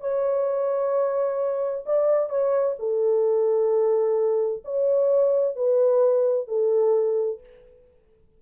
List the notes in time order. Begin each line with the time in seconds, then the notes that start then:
0.00 C#5
1.85 D5
2.29 C#5
2.79 A4
4.64 C#5
5.56 B4
6.48 A4